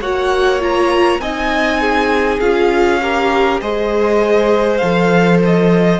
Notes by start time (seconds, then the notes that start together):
0.00 A#3 F#4 C#5 F#5
0.59 F4 A#5
1.19 C4 D#4 D#5 G#5
1.80 G#4
2.40 C#4 F4 F5
3.01 G4 A#4
3.61 G#3 G#4 C5 D#5
4.77 F3 A4 F5
5.44 D#5